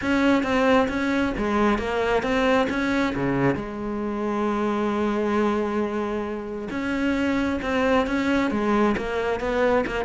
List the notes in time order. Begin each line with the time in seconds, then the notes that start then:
0.01 C#4
0.43 C4
0.88 C#4
1.37 G#3
1.78 A#3
2.22 C4
2.69 C#4
3.15 C#3
3.55 G#3
6.70 C#4
7.61 C4
8.07 C#4
8.51 G#3
8.97 A#3
9.39 B3
9.86 A#3